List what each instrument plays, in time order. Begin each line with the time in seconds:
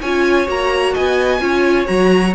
0.00 cello C#4, viola F4, violin C#5 G#5
0.46 cello A#3, viola F#4, violin A#5
0.93 cello B3, violin D#5 G#5
1.40 cello C#4, viola F4, violin C#5
1.86 cello F#3, viola F#4, violin A#5